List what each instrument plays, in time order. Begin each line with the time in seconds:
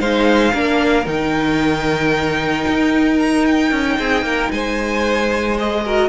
0.00 cello G#3, viola D#4, violin C5 F5
0.52 cello A#3, viola D4, violin A#4
1.05 cello D#3, viola D#4, violin G5
2.68 cello D#4
3.19 violin A#5
3.46 violin G5
3.72 cello C#4
3.99 cello C4, violin G#4
4.22 cello A#3, violin A#4
4.51 cello G#3, violin C5 G#5
5.58 viola G#4, violin D#5
5.86 viola F#4, violin A#4